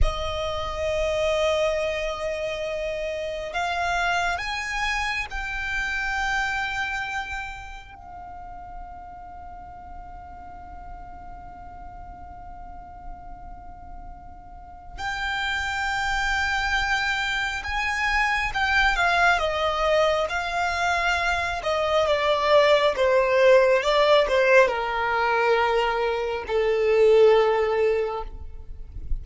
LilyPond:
\new Staff \with { instrumentName = "violin" } { \time 4/4 \tempo 4 = 68 dis''1 | f''4 gis''4 g''2~ | g''4 f''2.~ | f''1~ |
f''4 g''2. | gis''4 g''8 f''8 dis''4 f''4~ | f''8 dis''8 d''4 c''4 d''8 c''8 | ais'2 a'2 | }